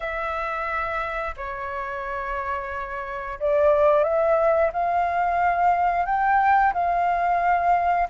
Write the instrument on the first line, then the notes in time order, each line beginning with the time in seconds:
flute
0.00 E5
1.36 C#5
3.39 D5
4.03 E5
4.72 F5
6.05 G5
6.73 F5